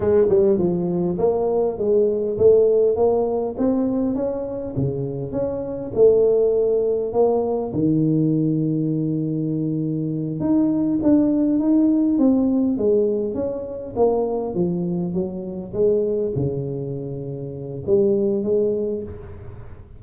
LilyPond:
\new Staff \with { instrumentName = "tuba" } { \time 4/4 \tempo 4 = 101 gis8 g8 f4 ais4 gis4 | a4 ais4 c'4 cis'4 | cis4 cis'4 a2 | ais4 dis2.~ |
dis4. dis'4 d'4 dis'8~ | dis'8 c'4 gis4 cis'4 ais8~ | ais8 f4 fis4 gis4 cis8~ | cis2 g4 gis4 | }